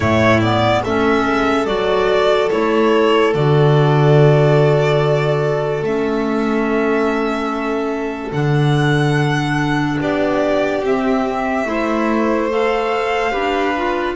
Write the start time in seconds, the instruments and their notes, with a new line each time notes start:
0.00 double bass A2, clarinet A3, violin E4 C#5
0.40 clarinet B3, violin D5
0.83 double bass A3, clarinet C#4, violin A4 E5
1.27 double bass G#3
1.66 double bass F#3, clarinet F#4, violin D5
2.50 double bass A3, clarinet E4, violin C#5
3.34 double bass D3, clarinet F#4, violin D5
5.81 double bass A3, clarinet C#4, violin E5
8.31 double bass D3, clarinet D4, violin F#5
10.00 double bass B3, violin G4 D5
10.82 double bass C4, clarinet C4, violin E5
11.64 double bass A3, clarinet E4, violin C5
12.50 clarinet A4, violin F5
13.31 double bass D4, clarinet G4, violin B4
13.76 clarinet F4